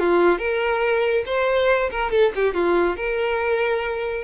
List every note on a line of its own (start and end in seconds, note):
0.00 0.39 F4
0.39 1.24 A#4
1.26 1.91 C5
1.91 2.11 A#4
2.11 2.33 A4
2.36 2.54 G4
2.54 2.97 F4
2.97 4.24 A#4